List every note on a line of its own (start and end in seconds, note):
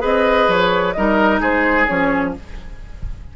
0.00 0.48 C4
0.00 0.93 G#4
0.00 0.94 B4
0.00 0.51 D#5
0.48 0.95 F3
0.48 0.93 C#5
0.93 1.41 G3
0.93 1.88 D#4
0.93 1.41 A#4
0.93 1.40 D#5
1.41 1.87 G#3
1.41 2.34 G#4
1.41 1.87 C5
1.87 2.36 F3
1.87 2.34 C#4
1.87 2.34 C#5